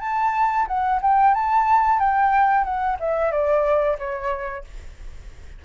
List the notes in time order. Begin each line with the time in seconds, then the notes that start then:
0.00 A5
0.67 F#5
1.01 G5
1.34 A5
1.99 G5
2.64 F#5
3.00 E5
3.31 D5
3.98 C#5